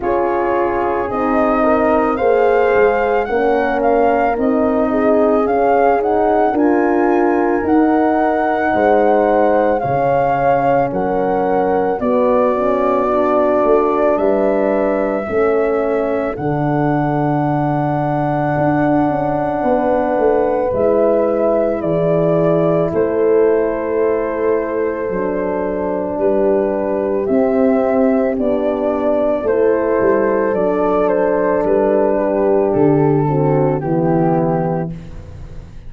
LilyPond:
<<
  \new Staff \with { instrumentName = "flute" } { \time 4/4 \tempo 4 = 55 cis''4 dis''4 f''4 fis''8 f''8 | dis''4 f''8 fis''8 gis''4 fis''4~ | fis''4 f''4 fis''4 d''4~ | d''4 e''2 fis''4~ |
fis''2. e''4 | d''4 c''2. | b'4 e''4 d''4 c''4 | d''8 c''8 b'4 a'4 g'4 | }
  \new Staff \with { instrumentName = "horn" } { \time 4/4 gis'4. ais'8 c''4 ais'4~ | ais'8 gis'4. ais'2 | c''4 cis''4 ais'4 fis'4~ | fis'4 b'4 a'2~ |
a'2 b'2 | gis'4 a'2. | g'2. a'4~ | a'4. g'4 fis'8 e'4 | }
  \new Staff \with { instrumentName = "horn" } { \time 4/4 f'4 dis'4 gis'4 cis'4 | dis'4 cis'8 dis'8 f'4 dis'4~ | dis'4 cis'2 b8 cis'8 | d'2 cis'4 d'4~ |
d'2. e'4~ | e'2. d'4~ | d'4 c'4 d'4 e'4 | d'2~ d'8 c'8 b4 | }
  \new Staff \with { instrumentName = "tuba" } { \time 4/4 cis'4 c'4 ais8 gis8 ais4 | c'4 cis'4 d'4 dis'4 | gis4 cis4 fis4 b4~ | b8 a8 g4 a4 d4~ |
d4 d'8 cis'8 b8 a8 gis4 | e4 a2 fis4 | g4 c'4 b4 a8 g8 | fis4 g4 d4 e4 | }
>>